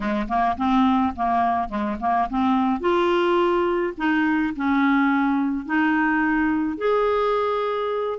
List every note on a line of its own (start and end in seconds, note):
0.00 0.27 G#3
0.28 0.56 A#3
0.57 1.13 C4
1.16 1.68 A#3
1.68 1.97 G#3
2.00 2.28 A#3
2.29 2.80 C4
2.80 3.93 F4
3.97 4.53 D#4
4.56 5.65 C#4
5.65 6.77 D#4
6.77 8.19 G#4